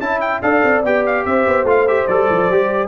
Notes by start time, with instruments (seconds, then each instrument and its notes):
0.00 tuba C#4, trombone E4, horn E5, trumpet A5
0.21 trumpet G5
0.42 tuba D4, trombone A4, horn D5, trumpet F5
0.64 tuba C4
0.84 tuba B3, trombone G4, trumpet G5
1.06 trumpet F5
1.25 tuba C4, horn C5, trumpet E5
1.47 tuba B3
1.64 tuba A3, trombone F4, trumpet F5
1.88 trombone G4, trumpet E5
2.07 tuba G3, trombone A4, trumpet D5
2.30 tuba F3
2.49 tuba G3, trombone G4